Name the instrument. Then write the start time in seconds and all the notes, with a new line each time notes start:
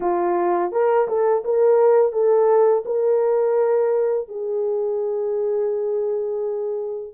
horn
0.00 F4
0.71 A#4
1.07 A4
1.44 A#4
2.12 A4
2.85 A#4
4.28 G#4